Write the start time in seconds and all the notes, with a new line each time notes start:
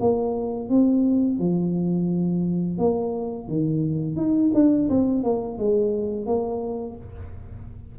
0.00 A#3
0.69 C4
1.39 F3
2.78 A#3
3.48 D#3
4.16 D#4
4.54 D4
4.89 C4
5.23 A#3
5.58 G#3
6.26 A#3